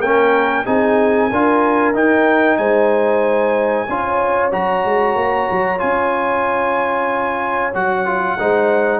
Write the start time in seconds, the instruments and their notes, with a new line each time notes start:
0.00 tuba A#3, trombone C#4, horn A#4, trumpet G5
0.66 tuba C4, trombone D#4, horn G#4, trumpet G#5
1.29 tuba D4, trombone F4, horn A#4
1.94 tuba D#4, trombone D#4, trumpet G5
2.57 tuba G#3, horn C5, trumpet G#5
3.89 tuba C#4, trombone F4, horn C#5
4.52 tuba F#3, trombone F#4, trumpet A#5
4.85 tuba G#3
5.16 tuba A#3
5.51 tuba F#3
5.79 tuba C#4, trombone F4, trumpet G#5
7.74 tuba F#3, trombone F#4, trumpet F#5
8.06 trombone F4
8.39 tuba G#3, trombone D#4, horn C5